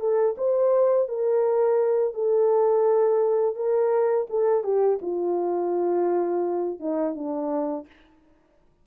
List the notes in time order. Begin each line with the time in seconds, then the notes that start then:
0.00 A4
0.38 C5
1.09 A#4
2.14 A4
3.56 A#4
4.30 A4
4.64 G4
5.02 F4
6.80 D#4
7.15 D4